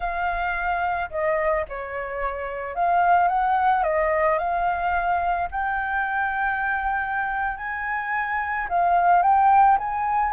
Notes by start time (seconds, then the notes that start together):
0.00 F5
1.10 D#5
1.68 C#5
2.75 F5
3.28 F#5
3.83 D#5
4.38 F5
5.51 G5
7.57 G#5
8.68 F5
9.22 G5
9.77 G#5